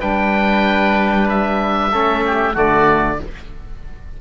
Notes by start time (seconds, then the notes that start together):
0.00 G3 D4 B4 G5
1.29 E5
1.92 A3 C#4 A4
2.26 G4
2.54 D3 A3 F#4 D5